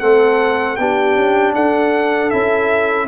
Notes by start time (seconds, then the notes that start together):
0.00 A3 C4 A4 F#5
0.76 B3 D4 G4 G5
1.17 C#4
1.54 D4 A4 F#5
2.30 C#4 E4 E5